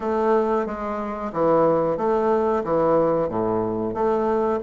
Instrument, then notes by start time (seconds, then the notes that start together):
bassoon
0.00 A3
0.66 G#3
1.32 E3
1.97 A3
2.63 E3
3.28 A2
3.94 A3